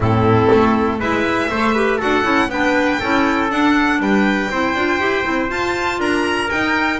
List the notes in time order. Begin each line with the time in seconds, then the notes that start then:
0.00 A2 C4 E4 A4
0.51 A3
0.99 G#3 E4 B4 E5
1.50 A3 A4 C5
1.73 G4 B4
1.97 D4 F#4 A4 F#5
2.23 C#4 E4
2.48 B3 D4 B4 G5
2.99 C#4 E4 A4
3.50 D4 F#5
3.99 G3 B4 G5
4.50 C4 E4 C5
4.75 D4 F4
4.99 E4 G4
5.23 C4 E4
5.48 F4 A5
5.99 D4 A#4 A#5
6.49 D#4 G5